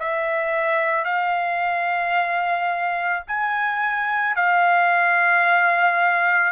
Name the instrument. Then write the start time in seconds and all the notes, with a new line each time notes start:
trumpet
0.00 E5
1.05 F5
3.28 G#5
4.36 F5